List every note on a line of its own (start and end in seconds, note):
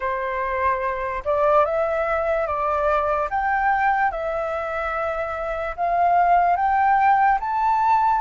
0.00 1.23 C5
1.24 1.65 D5
1.65 2.46 E5
2.46 3.28 D5
3.30 4.11 G5
4.11 5.75 E5
5.76 6.56 F5
6.56 7.38 G5
7.40 8.21 A5